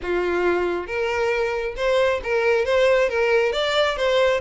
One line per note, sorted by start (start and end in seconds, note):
0.02 0.86 F4
0.86 1.74 A#4
1.76 2.20 C5
2.23 2.65 A#4
2.65 3.09 C5
3.09 3.52 A#4
3.52 3.96 D5
3.96 4.41 C5